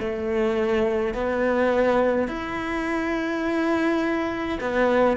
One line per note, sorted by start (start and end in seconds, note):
0.00 1.14 A3
1.14 2.29 B3
2.29 4.59 E4
4.60 5.17 B3